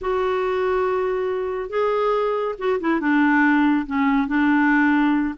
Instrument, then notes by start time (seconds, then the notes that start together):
clarinet
0.01 F#4
1.69 G#4
2.58 F#4
2.80 E4
3.00 D4
3.86 C#4
4.27 D4